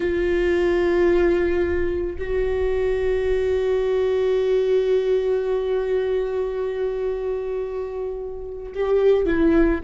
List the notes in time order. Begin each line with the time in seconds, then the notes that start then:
0.00 F4
2.18 F#4
8.74 G4
9.25 E4